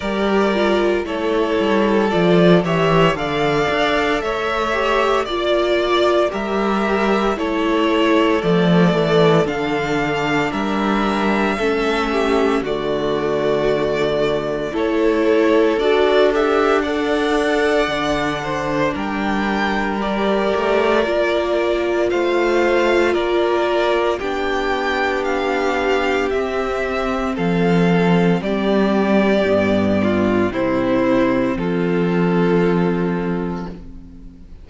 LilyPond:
<<
  \new Staff \with { instrumentName = "violin" } { \time 4/4 \tempo 4 = 57 d''4 cis''4 d''8 e''8 f''4 | e''4 d''4 e''4 cis''4 | d''4 f''4 e''2 | d''2 cis''4 d''8 e''8 |
fis''2 g''4 d''4~ | d''4 f''4 d''4 g''4 | f''4 e''4 f''4 d''4~ | d''4 c''4 a'2 | }
  \new Staff \with { instrumentName = "violin" } { \time 4/4 ais'4 a'4. cis''8 d''4 | cis''4 d''4 ais'4 a'4~ | a'2 ais'4 a'8 g'8 | fis'2 a'2 |
d''4. c''8 ais'2~ | ais'4 c''4 ais'4 g'4~ | g'2 a'4 g'4~ | g'8 f'8 e'4 f'2 | }
  \new Staff \with { instrumentName = "viola" } { \time 4/4 g'8 f'8 e'4 f'8 g'8 a'4~ | a'8 g'8 f'4 g'4 e'4 | a4 d'2 cis'4 | a2 e'4 fis'8 g'8 |
a'4 d'2 g'4 | f'2. d'4~ | d'4 c'2. | b4 c'2. | }
  \new Staff \with { instrumentName = "cello" } { \time 4/4 g4 a8 g8 f8 e8 d8 d'8 | a4 ais4 g4 a4 | f8 e8 d4 g4 a4 | d2 a4 d'4~ |
d'4 d4 g4. a8 | ais4 a4 ais4 b4~ | b4 c'4 f4 g4 | g,4 c4 f2 | }
>>